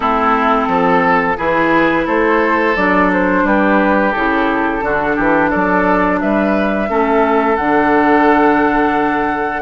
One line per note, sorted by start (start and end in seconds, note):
0.00 0.67 A3
0.00 1.36 C4
0.00 0.69 E4
0.00 1.37 A4
0.67 1.36 F3
0.67 1.37 A4
1.37 2.06 E3
1.37 2.75 E4
1.37 2.05 G#4
1.37 2.06 B4
2.05 2.75 A3
2.05 3.43 A4
2.05 2.76 C5
2.75 3.43 F#3
2.75 4.14 D4
2.75 3.10 D5
3.13 3.46 C5
3.43 4.12 G3
3.43 4.84 G4
3.43 4.12 B4
4.12 4.81 C#3
4.12 4.81 E4
4.12 5.50 A4
4.81 5.16 D3
4.81 6.87 D4
4.81 5.15 F#4
5.15 5.52 E3
5.15 5.50 G4
5.50 6.22 F#3
5.50 6.19 A4
5.50 6.19 D5
6.20 6.89 G3
6.20 6.89 B4
6.20 7.56 E5
6.87 7.58 A3
6.87 7.56 C#4
6.87 9.61 A4
7.56 9.61 D3
7.56 9.61 D4
7.56 9.61 F#5